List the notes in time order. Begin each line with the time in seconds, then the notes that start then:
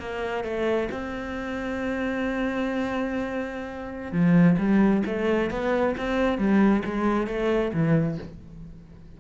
0.00 A#3
0.44 A3
0.91 C4
4.12 F3
4.58 G3
5.06 A3
5.51 B3
5.97 C4
6.38 G3
6.85 G#3
7.27 A3
7.74 E3